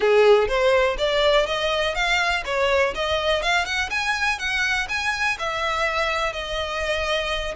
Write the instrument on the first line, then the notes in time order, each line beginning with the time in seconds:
violin
0.00 G#4
0.48 C5
0.98 D5
1.46 D#5
1.94 F5
2.45 C#5
2.94 D#5
3.42 F5
3.65 F#5
3.90 G#5
4.39 F#5
4.88 G#5
5.39 E5
6.32 D#5